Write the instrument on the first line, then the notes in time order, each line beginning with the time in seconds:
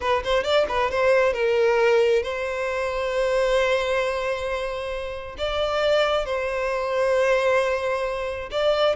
violin
0.01 B4
0.24 C5
0.43 D5
0.68 B4
0.90 C5
1.33 A#4
2.22 C5
5.38 D5
6.25 C5
8.51 D5